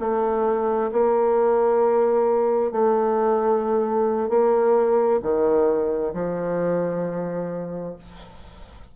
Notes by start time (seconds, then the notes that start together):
0.00 A3
0.92 A#3
2.72 A3
4.29 A#3
5.23 D#3
6.14 F3